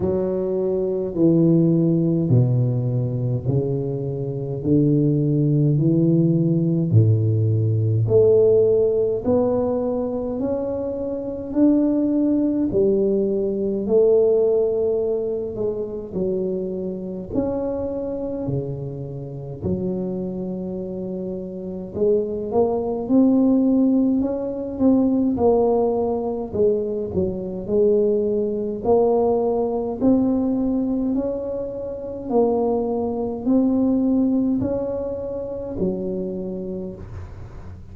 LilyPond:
\new Staff \with { instrumentName = "tuba" } { \time 4/4 \tempo 4 = 52 fis4 e4 b,4 cis4 | d4 e4 a,4 a4 | b4 cis'4 d'4 g4 | a4. gis8 fis4 cis'4 |
cis4 fis2 gis8 ais8 | c'4 cis'8 c'8 ais4 gis8 fis8 | gis4 ais4 c'4 cis'4 | ais4 c'4 cis'4 fis4 | }